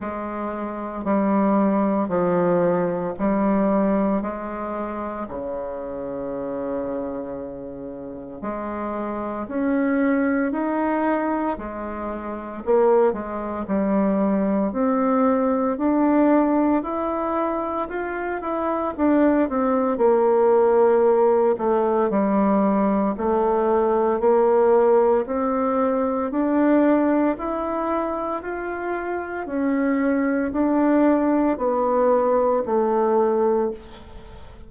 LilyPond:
\new Staff \with { instrumentName = "bassoon" } { \time 4/4 \tempo 4 = 57 gis4 g4 f4 g4 | gis4 cis2. | gis4 cis'4 dis'4 gis4 | ais8 gis8 g4 c'4 d'4 |
e'4 f'8 e'8 d'8 c'8 ais4~ | ais8 a8 g4 a4 ais4 | c'4 d'4 e'4 f'4 | cis'4 d'4 b4 a4 | }